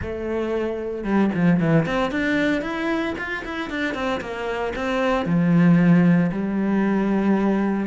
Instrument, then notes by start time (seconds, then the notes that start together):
cello
0.02 A3
1.04 G3
1.34 F3
1.60 E3
1.85 C4
2.11 D4
2.61 E4
3.17 F4
3.44 E4
3.70 D4
3.94 C4
4.20 A#3
4.75 C4
5.25 F3
6.32 G3